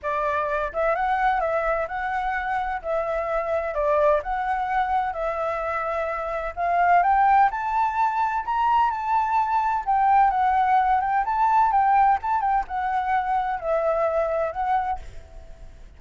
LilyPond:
\new Staff \with { instrumentName = "flute" } { \time 4/4 \tempo 4 = 128 d''4. e''8 fis''4 e''4 | fis''2 e''2 | d''4 fis''2 e''4~ | e''2 f''4 g''4 |
a''2 ais''4 a''4~ | a''4 g''4 fis''4. g''8 | a''4 g''4 a''8 g''8 fis''4~ | fis''4 e''2 fis''4 | }